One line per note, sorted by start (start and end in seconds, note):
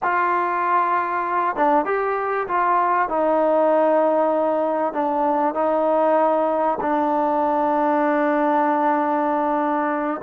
0.02 1.56 F4
1.56 1.85 D4
1.85 2.47 G4
2.47 3.08 F4
3.08 4.93 D#4
4.93 5.54 D4
5.54 6.78 D#4
6.80 10.21 D4